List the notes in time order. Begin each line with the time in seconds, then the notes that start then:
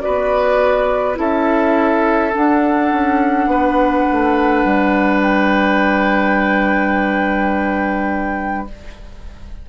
0.00 B3 F#4 B4 D5
1.15 C#4 E4 A4 E5
2.32 D4 F#5
2.92 C#4
3.46 B3 B4
4.11 A3
4.64 G3
5.21 G5